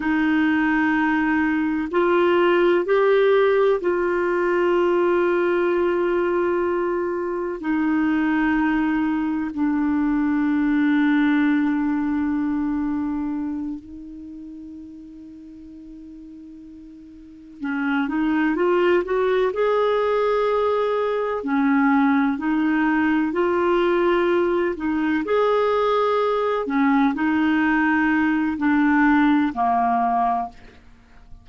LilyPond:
\new Staff \with { instrumentName = "clarinet" } { \time 4/4 \tempo 4 = 63 dis'2 f'4 g'4 | f'1 | dis'2 d'2~ | d'2~ d'8 dis'4.~ |
dis'2~ dis'8 cis'8 dis'8 f'8 | fis'8 gis'2 cis'4 dis'8~ | dis'8 f'4. dis'8 gis'4. | cis'8 dis'4. d'4 ais4 | }